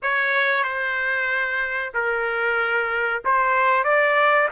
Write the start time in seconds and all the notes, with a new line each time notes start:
0.02 C#5
0.63 C5
1.94 A#4
3.24 C5
3.84 D5